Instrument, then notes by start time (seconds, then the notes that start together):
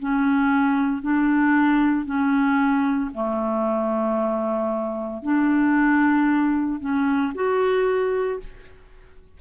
clarinet
0.00 C#4
1.02 D4
2.06 C#4
3.14 A3
5.23 D4
6.80 C#4
7.35 F#4